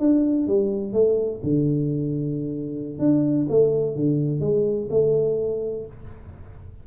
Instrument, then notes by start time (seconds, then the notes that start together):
tuba
0.00 D4
0.48 G3
0.93 A3
1.44 D3
2.99 D4
3.50 A3
3.96 D3
4.41 G#3
4.91 A3